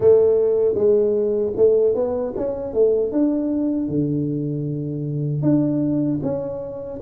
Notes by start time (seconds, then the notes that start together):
0.00 A3
0.74 G#3
1.56 A3
1.94 B3
2.37 C#4
2.73 A3
3.12 D4
3.88 D3
5.42 D4
6.22 C#4